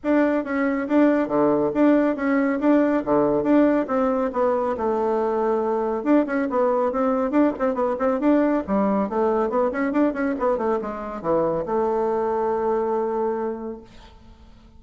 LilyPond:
\new Staff \with { instrumentName = "bassoon" } { \time 4/4 \tempo 4 = 139 d'4 cis'4 d'4 d4 | d'4 cis'4 d'4 d4 | d'4 c'4 b4 a4~ | a2 d'8 cis'8 b4 |
c'4 d'8 c'8 b8 c'8 d'4 | g4 a4 b8 cis'8 d'8 cis'8 | b8 a8 gis4 e4 a4~ | a1 | }